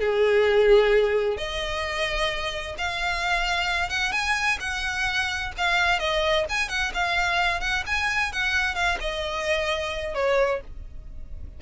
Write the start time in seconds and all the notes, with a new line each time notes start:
0.00 G#4
1.37 D#5
2.78 F5
3.90 F#5
4.12 G#5
4.60 F#5
5.58 F5
5.99 D#5
6.49 G#5
6.69 F#5
6.94 F5
7.60 F#5
7.86 G#5
8.32 F#5
8.75 F5
9.00 D#5
10.15 C#5